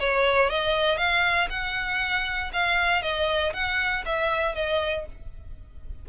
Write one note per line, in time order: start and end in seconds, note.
0.00 0.50 C#5
0.50 0.98 D#5
0.98 1.48 F5
1.50 2.52 F#5
2.53 3.02 F5
3.02 3.53 D#5
3.54 4.04 F#5
4.05 4.55 E5
4.55 5.06 D#5